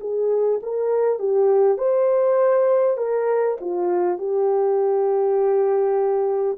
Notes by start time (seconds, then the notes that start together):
0.00 G#4
0.62 A#4
1.19 G4
1.78 C5
2.97 A#4
3.61 F4
4.18 G4